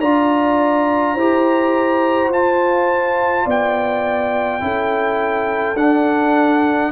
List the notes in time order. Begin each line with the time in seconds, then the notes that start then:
0.00 D4 F4 D5 A#5
1.15 E4 G4 C5
2.29 F4 A5
3.44 B3 D5 G5
4.60 C#4 E4 A4
5.74 D4 F#5